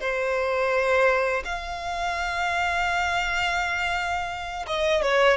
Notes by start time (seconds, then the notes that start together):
0.00 C5
1.44 F5
4.67 D#5
5.02 C#5